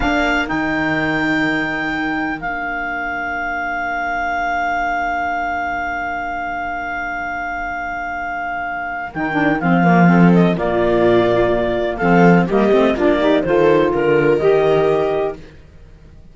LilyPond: <<
  \new Staff \with { instrumentName = "clarinet" } { \time 4/4 \tempo 4 = 125 f''4 g''2.~ | g''4 f''2.~ | f''1~ | f''1~ |
f''2. g''4 | f''4. dis''8 d''2~ | d''4 f''4 dis''4 d''4 | c''4 ais'4 dis''2 | }
  \new Staff \with { instrumentName = "viola" } { \time 4/4 ais'1~ | ais'1~ | ais'1~ | ais'1~ |
ais'1~ | ais'4 a'4 f'2~ | f'4 a'4 g'4 f'8 g'8 | a'4 ais'2. | }
  \new Staff \with { instrumentName = "saxophone" } { \time 4/4 d'4 dis'2.~ | dis'4 d'2.~ | d'1~ | d'1~ |
d'2. dis'8 d'8 | c'8 ais8 c'4 ais2~ | ais4 c'4 ais8 c'8 d'8 dis'8 | f'2 g'2 | }
  \new Staff \with { instrumentName = "cello" } { \time 4/4 ais4 dis2.~ | dis4 ais2.~ | ais1~ | ais1~ |
ais2. dis4 | f2 ais,2~ | ais,4 f4 g8 a8 ais4 | dis4 d4 dis2 | }
>>